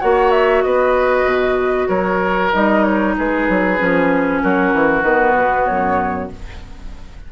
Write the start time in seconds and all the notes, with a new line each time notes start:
0.00 A#3 F#4 C#5 F#5
0.31 E5
0.62 B3 B4 D#5
1.25 B2
1.88 F#3 A#4 C#5
2.53 G3 D#4 D#5
2.84 C#5
3.18 G#3 G#4 B4
3.49 F#3
3.78 F3 C#4
4.41 F#3 F#4 A#4
4.73 E3
5.02 D#3 B3 B4
5.38 B2
5.66 F#2 C#5